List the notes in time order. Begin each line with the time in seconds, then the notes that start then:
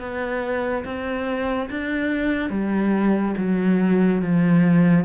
0.00 B3
0.85 C4
1.70 D4
2.50 G3
3.37 F#3
4.22 F3